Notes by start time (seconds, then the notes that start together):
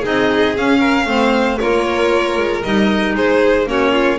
0.00 C4 D#4 G#4 D#5
0.57 C#4 F5
0.80 A#4
1.06 A3 C4 C5
1.59 A#3 F4 A#4 C#5
2.38 G#3
2.64 G3 D#4 D#5
3.15 G#3 G#4 C5
3.67 A#3 C#4 F#4 C#5
3.92 F4